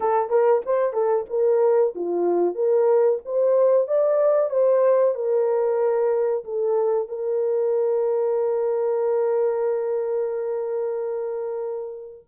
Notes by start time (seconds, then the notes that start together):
0.00 A4
0.29 A#4
0.65 C5
0.93 A4
1.29 A#4
1.95 F4
2.55 A#4
3.25 C5
3.87 D5
4.50 C5
5.14 A#4
6.44 A4
7.08 A#4